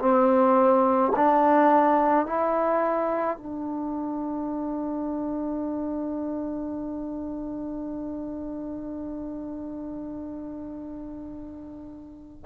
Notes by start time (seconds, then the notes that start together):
0.00 C4
1.16 D4
2.26 E4
3.38 D4